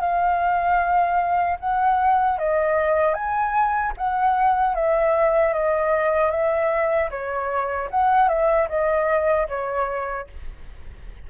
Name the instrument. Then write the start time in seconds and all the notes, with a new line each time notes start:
flute
0.00 F5
1.59 F#5
2.38 D#5
3.14 G#5
3.97 F#5
4.74 E5
5.53 D#5
6.30 E5
7.10 C#5
7.90 F#5
8.28 E5
8.68 D#5
9.48 C#5